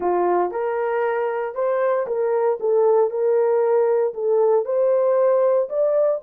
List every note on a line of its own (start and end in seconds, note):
0.00 0.51 F4
0.51 1.54 A#4
1.54 2.06 C5
2.06 2.58 A#4
2.60 3.10 A4
3.10 4.13 A#4
4.14 4.65 A4
4.65 5.68 C5
5.69 6.21 D5